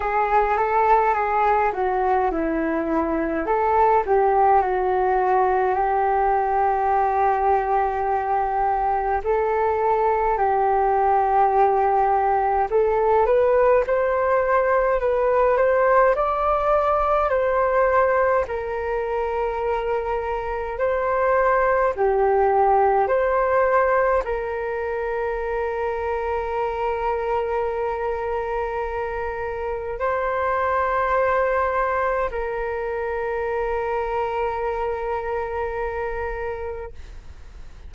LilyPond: \new Staff \with { instrumentName = "flute" } { \time 4/4 \tempo 4 = 52 gis'8 a'8 gis'8 fis'8 e'4 a'8 g'8 | fis'4 g'2. | a'4 g'2 a'8 b'8 | c''4 b'8 c''8 d''4 c''4 |
ais'2 c''4 g'4 | c''4 ais'2.~ | ais'2 c''2 | ais'1 | }